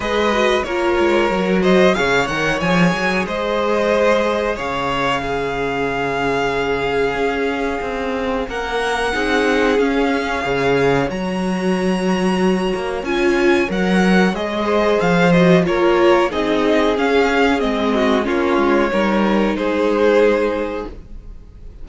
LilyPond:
<<
  \new Staff \with { instrumentName = "violin" } { \time 4/4 \tempo 4 = 92 dis''4 cis''4. dis''8 f''8 fis''8 | gis''4 dis''2 f''4~ | f''1~ | f''4 fis''2 f''4~ |
f''4 ais''2. | gis''4 fis''4 dis''4 f''8 dis''8 | cis''4 dis''4 f''4 dis''4 | cis''2 c''2 | }
  \new Staff \with { instrumentName = "violin" } { \time 4/4 b'4 ais'4. c''8 cis''4~ | cis''4 c''2 cis''4 | gis'1~ | gis'4 ais'4 gis'2 |
cis''1~ | cis''2~ cis''8 c''4. | ais'4 gis'2~ gis'8 fis'8 | f'4 ais'4 gis'2 | }
  \new Staff \with { instrumentName = "viola" } { \time 4/4 gis'8 fis'8 f'4 fis'4 gis'8 ais'8 | gis'1 | cis'1~ | cis'2 dis'4 cis'4 |
gis'4 fis'2. | f'4 ais'4 gis'4. fis'8 | f'4 dis'4 cis'4 c'4 | cis'4 dis'2. | }
  \new Staff \with { instrumentName = "cello" } { \time 4/4 gis4 ais8 gis8 fis4 cis8 dis8 | f8 fis8 gis2 cis4~ | cis2. cis'4 | c'4 ais4 c'4 cis'4 |
cis4 fis2~ fis8 ais8 | cis'4 fis4 gis4 f4 | ais4 c'4 cis'4 gis4 | ais8 gis8 g4 gis2 | }
>>